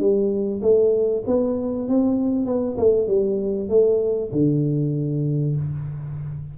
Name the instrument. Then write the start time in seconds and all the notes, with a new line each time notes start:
tuba
0.00 G3
0.62 A3
1.27 B3
1.88 C4
2.46 B3
2.78 A3
3.08 G3
3.69 A3
4.32 D3